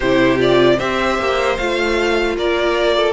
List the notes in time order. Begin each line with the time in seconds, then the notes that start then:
0.00 C3 E4 G4 C5
0.37 F4 D5
0.78 C4 G4 C5 E5
1.18 A#3
1.57 A3 F4 F5
2.36 A#3 A#4 D5
2.96 A4